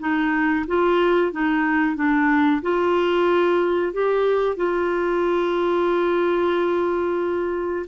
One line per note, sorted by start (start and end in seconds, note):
0.00 0.66 D#4
0.68 1.32 F4
1.32 1.96 D#4
1.96 2.62 D4
2.63 3.93 F4
3.93 4.57 G4
4.57 7.86 F4